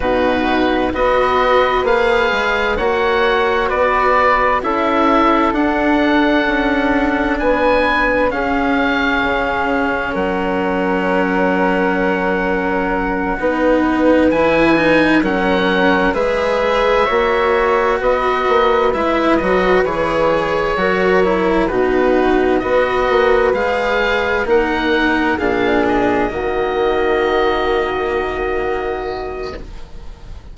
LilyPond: <<
  \new Staff \with { instrumentName = "oboe" } { \time 4/4 \tempo 4 = 65 b'4 dis''4 f''4 fis''4 | d''4 e''4 fis''2 | gis''4 f''2 fis''4~ | fis''2.~ fis''8 gis''8~ |
gis''8 fis''4 e''2 dis''8~ | dis''8 e''8 dis''8 cis''2 b'8~ | b'8 dis''4 f''4 fis''4 f''8 | dis''1 | }
  \new Staff \with { instrumentName = "flute" } { \time 4/4 fis'4 b'2 cis''4 | b'4 a'2. | b'4 gis'2 ais'4~ | ais'2~ ais'8 b'4.~ |
b'8 ais'4 b'4 cis''4 b'8~ | b'2~ b'8 ais'4 fis'8~ | fis'8 b'2 ais'4 gis'8~ | gis'8 fis'2.~ fis'8 | }
  \new Staff \with { instrumentName = "cello" } { \time 4/4 dis'4 fis'4 gis'4 fis'4~ | fis'4 e'4 d'2~ | d'4 cis'2.~ | cis'2~ cis'8 dis'4 e'8 |
dis'8 cis'4 gis'4 fis'4.~ | fis'8 e'8 fis'8 gis'4 fis'8 e'8 dis'8~ | dis'8 fis'4 gis'4 dis'4 d'8~ | d'8 ais2.~ ais8 | }
  \new Staff \with { instrumentName = "bassoon" } { \time 4/4 b,4 b4 ais8 gis8 ais4 | b4 cis'4 d'4 cis'4 | b4 cis'4 cis4 fis4~ | fis2~ fis8 b4 e8~ |
e8 fis4 gis4 ais4 b8 | ais8 gis8 fis8 e4 fis4 b,8~ | b,8 b8 ais8 gis4 ais4 ais,8~ | ais,8 dis2.~ dis8 | }
>>